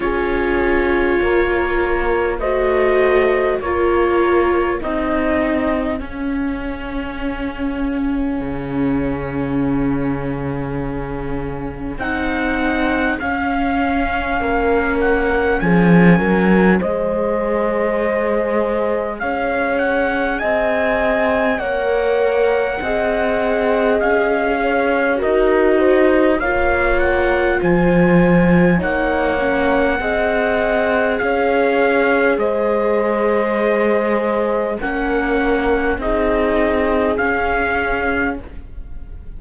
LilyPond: <<
  \new Staff \with { instrumentName = "trumpet" } { \time 4/4 \tempo 4 = 50 cis''2 dis''4 cis''4 | dis''4 f''2.~ | f''2 fis''4 f''4~ | f''8 fis''8 gis''4 dis''2 |
f''8 fis''8 gis''4 fis''2 | f''4 dis''4 f''8 fis''8 gis''4 | fis''2 f''4 dis''4~ | dis''4 fis''4 dis''4 f''4 | }
  \new Staff \with { instrumentName = "horn" } { \time 4/4 gis'4 ais'4 c''4 ais'4 | gis'1~ | gis'1 | ais'4 gis'8 ais'8 c''2 |
cis''4 dis''4 cis''4 dis''4~ | dis''8 cis''8 ais'8 c''8 cis''4 c''4 | cis''4 dis''4 cis''4 c''4~ | c''4 ais'4 gis'2 | }
  \new Staff \with { instrumentName = "viola" } { \time 4/4 f'2 fis'4 f'4 | dis'4 cis'2.~ | cis'2 dis'4 cis'4~ | cis'2 gis'2~ |
gis'2 ais'4 gis'4~ | gis'4 fis'4 f'2 | dis'8 cis'8 gis'2.~ | gis'4 cis'4 dis'4 cis'4 | }
  \new Staff \with { instrumentName = "cello" } { \time 4/4 cis'4 ais4 a4 ais4 | c'4 cis'2 cis4~ | cis2 c'4 cis'4 | ais4 f8 fis8 gis2 |
cis'4 c'4 ais4 c'4 | cis'4 dis'4 ais4 f4 | ais4 c'4 cis'4 gis4~ | gis4 ais4 c'4 cis'4 | }
>>